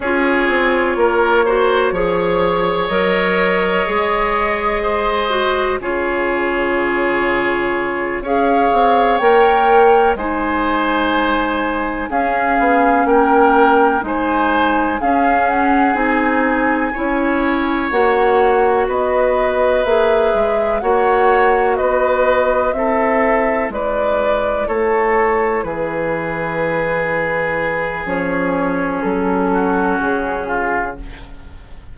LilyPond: <<
  \new Staff \with { instrumentName = "flute" } { \time 4/4 \tempo 4 = 62 cis''2. dis''4~ | dis''2 cis''2~ | cis''8 f''4 g''4 gis''4.~ | gis''8 f''4 g''4 gis''4 f''8 |
fis''8 gis''2 fis''4 dis''8~ | dis''8 e''4 fis''4 dis''4 e''8~ | e''8 d''4 cis''4 b'4.~ | b'4 cis''4 a'4 gis'4 | }
  \new Staff \with { instrumentName = "oboe" } { \time 4/4 gis'4 ais'8 c''8 cis''2~ | cis''4 c''4 gis'2~ | gis'8 cis''2 c''4.~ | c''8 gis'4 ais'4 c''4 gis'8~ |
gis'4. cis''2 b'8~ | b'4. cis''4 b'4 a'8~ | a'8 b'4 a'4 gis'4.~ | gis'2~ gis'8 fis'4 f'8 | }
  \new Staff \with { instrumentName = "clarinet" } { \time 4/4 f'4. fis'8 gis'4 ais'4 | gis'4. fis'8 f'2~ | f'8 gis'4 ais'4 dis'4.~ | dis'8 cis'2 dis'4 cis'8~ |
cis'8 dis'4 e'4 fis'4.~ | fis'8 gis'4 fis'2 e'8~ | e'1~ | e'4 cis'2. | }
  \new Staff \with { instrumentName = "bassoon" } { \time 4/4 cis'8 c'8 ais4 f4 fis4 | gis2 cis2~ | cis8 cis'8 c'8 ais4 gis4.~ | gis8 cis'8 b8 ais4 gis4 cis'8~ |
cis'8 c'4 cis'4 ais4 b8~ | b8 ais8 gis8 ais4 b4 c'8~ | c'8 gis4 a4 e4.~ | e4 f4 fis4 cis4 | }
>>